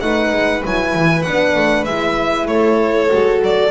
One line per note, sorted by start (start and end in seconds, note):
0.00 0.32 A3
0.00 0.62 D#4
0.00 2.50 B4
0.00 0.62 F#5
0.32 0.63 G#3
0.63 0.95 F#3
0.63 1.25 E4
0.63 1.22 G#5
0.95 1.26 E3
1.22 1.55 B3
1.22 1.88 D4
1.22 1.84 F#5
1.55 1.85 A3
1.85 2.47 G#3
1.85 3.08 E4
1.85 2.47 E5
2.47 3.09 A3
2.47 3.71 A4
2.47 3.40 C#5
3.08 3.41 G#3
3.08 3.70 F#4
3.41 3.71 F#3
3.41 3.71 D5